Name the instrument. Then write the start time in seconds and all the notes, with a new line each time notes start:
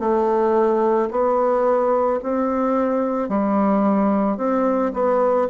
bassoon
0.00 A3
1.11 B3
2.24 C4
3.29 G3
4.38 C4
4.94 B3